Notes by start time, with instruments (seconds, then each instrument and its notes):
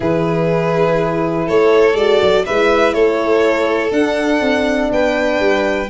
0.00 tuba E3, horn E4, violin G#4 B4
1.46 tuba A3, violin A4 C#5
1.94 tuba G#3, horn F#4, violin D5
2.21 tuba F#3
2.45 tuba G#3, horn E4, violin B4 E5
2.93 tuba A3, violin A4 C#5
3.91 horn D4, tuba D4, violin F#5
4.41 tuba C4
4.91 tuba B3, violin B4 G5
5.39 tuba G3